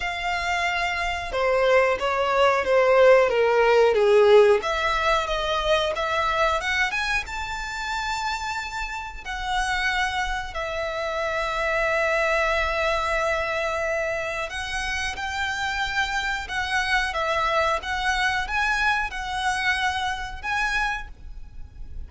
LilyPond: \new Staff \with { instrumentName = "violin" } { \time 4/4 \tempo 4 = 91 f''2 c''4 cis''4 | c''4 ais'4 gis'4 e''4 | dis''4 e''4 fis''8 gis''8 a''4~ | a''2 fis''2 |
e''1~ | e''2 fis''4 g''4~ | g''4 fis''4 e''4 fis''4 | gis''4 fis''2 gis''4 | }